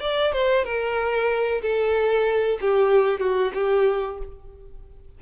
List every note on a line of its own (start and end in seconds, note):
0.00 0.32 D5
0.32 0.65 C5
0.65 1.61 A#4
1.62 2.58 A4
2.61 3.20 G4
3.20 3.52 F#4
3.53 4.18 G4